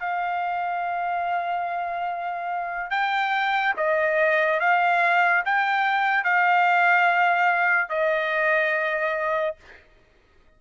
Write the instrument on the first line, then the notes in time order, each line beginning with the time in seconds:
trumpet
0.00 F5
2.91 G5
3.77 D#5
4.60 F5
5.45 G5
6.24 F5
7.89 D#5